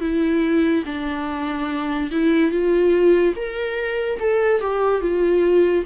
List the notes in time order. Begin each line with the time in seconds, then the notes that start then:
0.00 E4
0.86 D4
2.11 E4
2.51 F4
3.36 A#4
4.20 A4
4.61 G4
5.01 F4